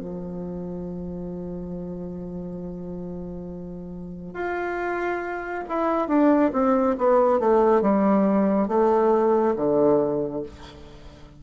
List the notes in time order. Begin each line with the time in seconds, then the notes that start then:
0.00 F3
4.34 F4
5.69 E4
6.08 D4
6.53 C4
6.98 B3
7.40 A3
7.82 G3
8.68 A3
9.57 D3